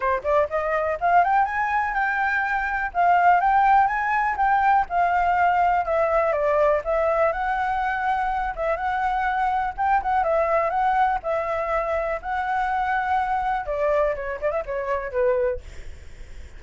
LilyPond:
\new Staff \with { instrumentName = "flute" } { \time 4/4 \tempo 4 = 123 c''8 d''8 dis''4 f''8 g''8 gis''4 | g''2 f''4 g''4 | gis''4 g''4 f''2 | e''4 d''4 e''4 fis''4~ |
fis''4. e''8 fis''2 | g''8 fis''8 e''4 fis''4 e''4~ | e''4 fis''2. | d''4 cis''8 d''16 e''16 cis''4 b'4 | }